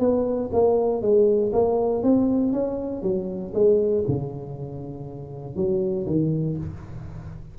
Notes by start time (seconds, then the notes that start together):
0.00 B3
0.53 A#3
1.02 G#3
1.53 A#3
2.04 C4
2.53 C#4
3.03 F#3
3.54 G#3
4.08 C#3
5.56 F#3
6.07 D#3